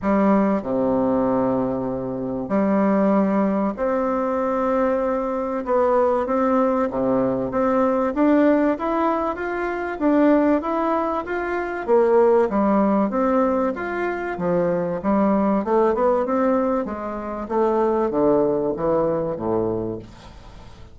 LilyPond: \new Staff \with { instrumentName = "bassoon" } { \time 4/4 \tempo 4 = 96 g4 c2. | g2 c'2~ | c'4 b4 c'4 c4 | c'4 d'4 e'4 f'4 |
d'4 e'4 f'4 ais4 | g4 c'4 f'4 f4 | g4 a8 b8 c'4 gis4 | a4 d4 e4 a,4 | }